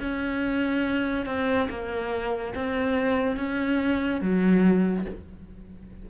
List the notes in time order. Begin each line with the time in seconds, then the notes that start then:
0.00 C#4
1.26 C4
1.69 A#3
2.55 C4
3.37 C#4
4.21 F#3